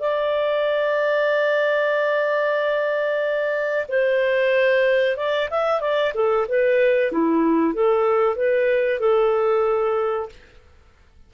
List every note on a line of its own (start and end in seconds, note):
0.00 3.87 D5
3.89 5.17 C5
5.17 5.49 D5
5.51 5.81 E5
5.81 6.13 D5
6.15 6.47 A4
6.48 7.12 B4
7.12 7.74 E4
7.74 8.36 A4
8.36 9.00 B4
9.00 10.29 A4